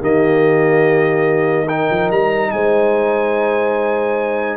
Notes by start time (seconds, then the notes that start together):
0.00 D#3 A#3 G4 D#5
1.66 D#4 A#4 G5
1.90 F3
2.10 G3 A#5
2.50 G#3 C5 G#5